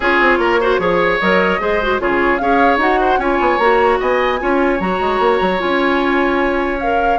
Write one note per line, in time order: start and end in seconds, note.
0.00 0.20 C#4
0.00 0.61 F4
0.00 0.39 G#4
0.00 1.19 C#5
0.20 0.38 C4
0.38 0.78 A#3
0.38 0.60 A#4
0.60 0.79 F#4
0.60 0.80 C5
0.78 1.18 F3
0.78 1.19 G#4
0.78 1.61 C#5
1.19 1.60 F#3
1.19 1.59 A#4
1.19 1.99 D#5
1.59 2.00 G#3
1.59 1.79 G#4
1.59 2.01 C5
1.82 1.99 F#4
1.99 2.40 C#3
1.99 2.39 F4
1.99 2.41 G#4
1.99 2.37 C#5
2.37 2.77 C#4
2.37 2.79 G#4
2.37 3.00 C#5
2.37 2.77 F5
2.77 3.17 D#4
2.77 3.19 F#4
2.77 3.20 F#5
3.00 3.19 C5
3.18 3.38 C#4
3.18 3.59 F4
3.18 3.99 C#5
3.18 3.58 G#5
3.40 3.58 B3
3.58 3.98 A#3
3.58 4.39 F#4
3.58 3.98 A#5
3.99 4.41 B3
3.99 4.39 D#5
3.99 4.80 G#5
4.39 4.80 C#4
4.39 4.79 F4
4.39 7.18 C#5
4.79 5.00 F#3
4.79 5.58 F#4
4.79 5.60 A#5
5.00 5.19 G#3
5.19 5.39 A#3
5.41 5.61 F#3
5.58 7.18 C#4
5.58 6.78 F4
5.58 6.80 G#5
6.80 7.18 A#4
6.80 7.18 F5